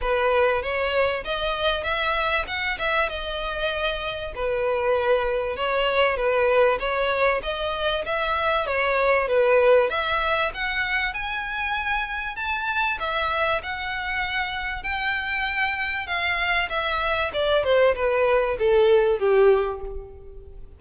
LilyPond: \new Staff \with { instrumentName = "violin" } { \time 4/4 \tempo 4 = 97 b'4 cis''4 dis''4 e''4 | fis''8 e''8 dis''2 b'4~ | b'4 cis''4 b'4 cis''4 | dis''4 e''4 cis''4 b'4 |
e''4 fis''4 gis''2 | a''4 e''4 fis''2 | g''2 f''4 e''4 | d''8 c''8 b'4 a'4 g'4 | }